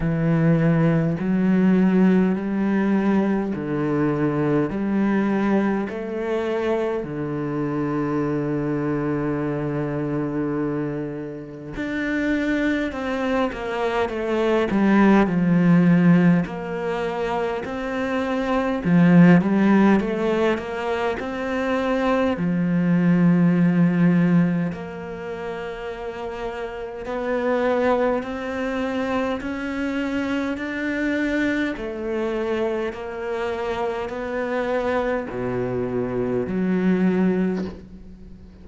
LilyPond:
\new Staff \with { instrumentName = "cello" } { \time 4/4 \tempo 4 = 51 e4 fis4 g4 d4 | g4 a4 d2~ | d2 d'4 c'8 ais8 | a8 g8 f4 ais4 c'4 |
f8 g8 a8 ais8 c'4 f4~ | f4 ais2 b4 | c'4 cis'4 d'4 a4 | ais4 b4 b,4 fis4 | }